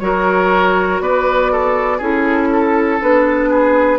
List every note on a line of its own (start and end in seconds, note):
0.00 1.00 F#3
0.00 2.00 F#4
0.00 1.02 A#4
0.00 1.00 C#5
1.00 2.00 B3
1.00 1.52 B4
1.00 2.00 D5
1.52 1.97 A4
1.97 3.00 C#4
1.97 3.00 E4
1.97 2.48 G#4
1.97 3.02 A4
2.52 3.50 A4
3.00 3.99 B3
3.00 3.99 D4
3.00 3.99 B4
3.50 3.99 G#4